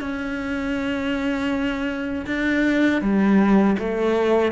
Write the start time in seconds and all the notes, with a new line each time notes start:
0.00 C#4
2.26 D4
3.01 G3
3.78 A3